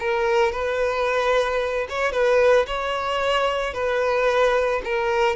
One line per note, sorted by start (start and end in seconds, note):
0.00 0.52 A#4
0.52 1.87 B4
1.90 2.12 C#5
2.12 2.66 B4
2.67 3.74 C#5
3.74 4.82 B4
4.85 5.36 A#4